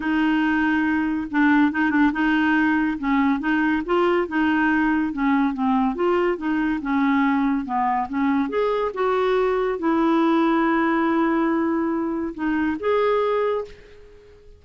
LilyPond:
\new Staff \with { instrumentName = "clarinet" } { \time 4/4 \tempo 4 = 141 dis'2. d'4 | dis'8 d'8 dis'2 cis'4 | dis'4 f'4 dis'2 | cis'4 c'4 f'4 dis'4 |
cis'2 b4 cis'4 | gis'4 fis'2 e'4~ | e'1~ | e'4 dis'4 gis'2 | }